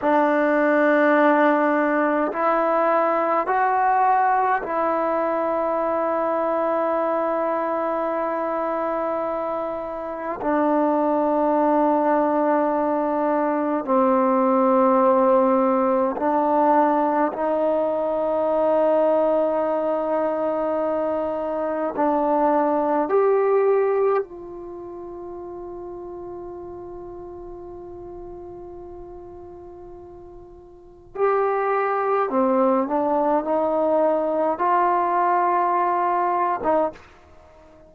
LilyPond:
\new Staff \with { instrumentName = "trombone" } { \time 4/4 \tempo 4 = 52 d'2 e'4 fis'4 | e'1~ | e'4 d'2. | c'2 d'4 dis'4~ |
dis'2. d'4 | g'4 f'2.~ | f'2. g'4 | c'8 d'8 dis'4 f'4.~ f'16 dis'16 | }